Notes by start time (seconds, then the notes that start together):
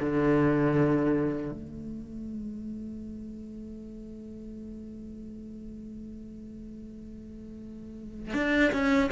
0.00 D3
1.51 A3
8.34 D4
8.72 C#4